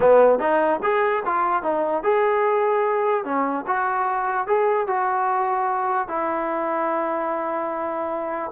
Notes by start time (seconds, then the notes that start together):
0.00 B3
0.39 D#4
0.82 G#4
1.25 F4
1.62 D#4
2.03 G#4
3.24 C#4
3.67 F#4
4.47 G#4
4.87 F#4
6.08 E4